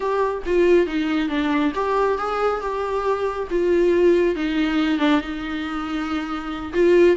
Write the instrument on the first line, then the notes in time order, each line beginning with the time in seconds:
viola
0.00 G4
0.46 F4
0.86 D#4
1.28 D4
1.75 G4
2.18 G#4
2.61 G4
3.50 F4
4.35 D#4
4.99 D4
5.20 D#4
6.73 F4